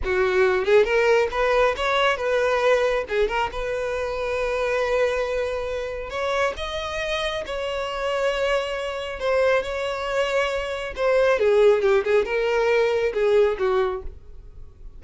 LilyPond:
\new Staff \with { instrumentName = "violin" } { \time 4/4 \tempo 4 = 137 fis'4. gis'8 ais'4 b'4 | cis''4 b'2 gis'8 ais'8 | b'1~ | b'2 cis''4 dis''4~ |
dis''4 cis''2.~ | cis''4 c''4 cis''2~ | cis''4 c''4 gis'4 g'8 gis'8 | ais'2 gis'4 fis'4 | }